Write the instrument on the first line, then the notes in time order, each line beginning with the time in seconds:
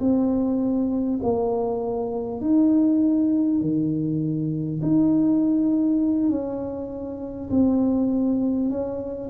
tuba
0.00 C4
1.23 A#3
2.41 D#4
3.61 D#3
4.82 D#4
6.30 C#4
7.50 C4
8.70 C#4